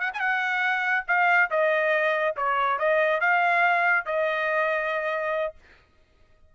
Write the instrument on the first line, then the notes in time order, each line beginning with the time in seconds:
trumpet
0.00 F#5
0.14 G#5
0.20 F#5
1.08 F5
1.50 D#5
2.36 C#5
2.79 D#5
3.20 F5
4.06 D#5